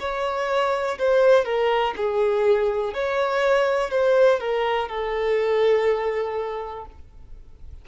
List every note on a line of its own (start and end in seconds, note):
0.00 0.98 C#5
0.99 1.45 C5
1.45 1.94 A#4
1.97 2.94 G#4
2.94 3.91 C#5
3.91 4.40 C5
4.40 4.89 A#4
4.89 6.86 A4